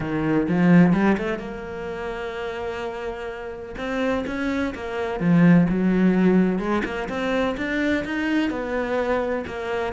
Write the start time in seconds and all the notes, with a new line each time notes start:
0.00 D#3
0.48 F3
0.93 G3
1.17 A3
1.39 A#3
3.77 C4
4.26 C#4
4.74 A#3
5.19 F3
5.69 F#3
6.59 G#3
6.84 A#3
7.08 C4
7.57 D4
8.04 D#4
8.50 B3
9.46 A#3